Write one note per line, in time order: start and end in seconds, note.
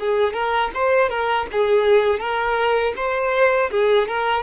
0.00 0.34 G#4
0.34 0.71 A#4
0.74 1.09 C5
1.09 1.46 A#4
1.52 2.20 G#4
2.20 2.94 A#4
2.96 3.70 C5
3.71 4.08 G#4
4.08 4.43 A#4